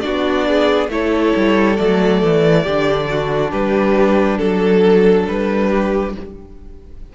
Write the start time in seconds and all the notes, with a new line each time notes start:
0.00 B3 D4 F#4 D5
0.47 G#4
0.88 A3 E4 A4 C#5
1.36 G3
1.76 F#3 A3 D5
2.23 E3
2.62 D3 D4 G4
3.09 F#4
3.51 G3 G4 B4
4.37 F#3 A4
5.27 G3 B4
5.69 G4